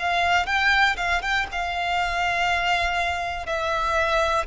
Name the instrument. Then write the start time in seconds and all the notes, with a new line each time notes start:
violin
0.00 F5
0.47 G5
0.97 F5
1.22 G5
1.52 F5
3.46 E5